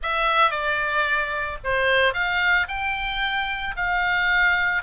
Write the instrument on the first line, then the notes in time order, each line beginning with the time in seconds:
oboe
0.02 E5
0.51 D5
1.64 C5
2.13 F5
2.68 G5
3.76 F5